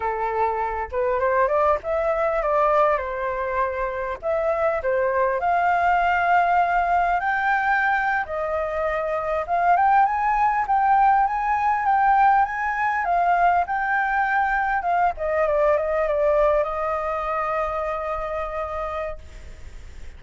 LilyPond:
\new Staff \with { instrumentName = "flute" } { \time 4/4 \tempo 4 = 100 a'4. b'8 c''8 d''8 e''4 | d''4 c''2 e''4 | c''4 f''2. | g''4.~ g''16 dis''2 f''16~ |
f''16 g''8 gis''4 g''4 gis''4 g''16~ | g''8. gis''4 f''4 g''4~ g''16~ | g''8. f''8 dis''8 d''8 dis''8 d''4 dis''16~ | dis''1 | }